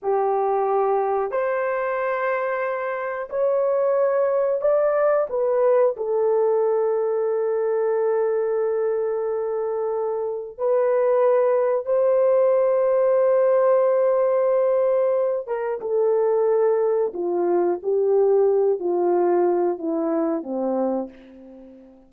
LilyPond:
\new Staff \with { instrumentName = "horn" } { \time 4/4 \tempo 4 = 91 g'2 c''2~ | c''4 cis''2 d''4 | b'4 a'2.~ | a'1 |
b'2 c''2~ | c''2.~ c''8 ais'8 | a'2 f'4 g'4~ | g'8 f'4. e'4 c'4 | }